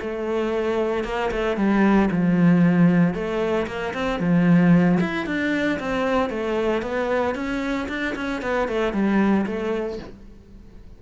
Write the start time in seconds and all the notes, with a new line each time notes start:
0.00 A3
1.04 A#3
1.31 A3
1.56 G3
2.11 F3
3.14 A3
3.67 A#3
3.94 C4
4.19 F3
5.00 E4
5.26 D4
5.79 C4
6.30 A3
6.82 B3
7.35 C#4
7.89 D4
8.15 C#4
8.41 B3
8.68 A3
8.93 G3
9.46 A3